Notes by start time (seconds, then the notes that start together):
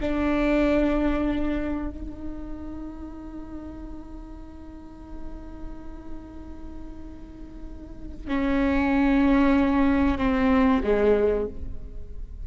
0.00 D4
1.90 D#4
8.27 C#4
10.18 C4
10.83 G#3